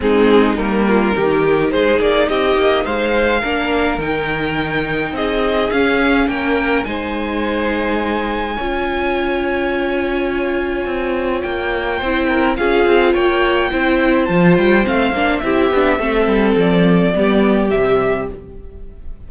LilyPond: <<
  \new Staff \with { instrumentName = "violin" } { \time 4/4 \tempo 4 = 105 gis'4 ais'2 c''8 d''8 | dis''4 f''2 g''4~ | g''4 dis''4 f''4 g''4 | gis''1~ |
gis''1 | g''2 f''4 g''4~ | g''4 a''8 g''8 f''4 e''4~ | e''4 d''2 e''4 | }
  \new Staff \with { instrumentName = "violin" } { \time 4/4 dis'4. f'8 g'4 gis'4 | g'4 c''4 ais'2~ | ais'4 gis'2 ais'4 | c''2. cis''4~ |
cis''1~ | cis''4 c''8 ais'8 gis'4 cis''4 | c''2. g'4 | a'2 g'2 | }
  \new Staff \with { instrumentName = "viola" } { \time 4/4 c'4 ais4 dis'2~ | dis'2 d'4 dis'4~ | dis'2 cis'2 | dis'2. f'4~ |
f'1~ | f'4 e'4 f'2 | e'4 f'4 c'8 d'8 e'8 d'8 | c'2 b4 g4 | }
  \new Staff \with { instrumentName = "cello" } { \time 4/4 gis4 g4 dis4 gis8 ais8 | c'8 ais8 gis4 ais4 dis4~ | dis4 c'4 cis'4 ais4 | gis2. cis'4~ |
cis'2. c'4 | ais4 c'4 cis'8 c'8 ais4 | c'4 f8 g8 a8 ais8 c'8 b8 | a8 g8 f4 g4 c4 | }
>>